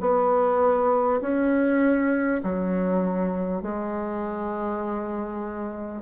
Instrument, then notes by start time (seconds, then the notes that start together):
bassoon
0.00 B3
1.21 C#4
2.43 F#3
3.62 G#3